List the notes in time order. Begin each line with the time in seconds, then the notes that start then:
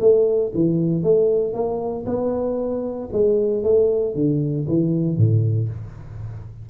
0.00 A3
0.54 E3
1.03 A3
1.53 A#3
2.06 B3
3.12 G#3
3.63 A3
4.14 D3
4.68 E3
5.17 A2